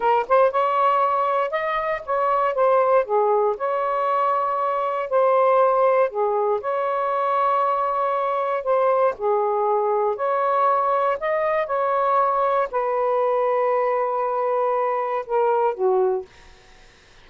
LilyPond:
\new Staff \with { instrumentName = "saxophone" } { \time 4/4 \tempo 4 = 118 ais'8 c''8 cis''2 dis''4 | cis''4 c''4 gis'4 cis''4~ | cis''2 c''2 | gis'4 cis''2.~ |
cis''4 c''4 gis'2 | cis''2 dis''4 cis''4~ | cis''4 b'2.~ | b'2 ais'4 fis'4 | }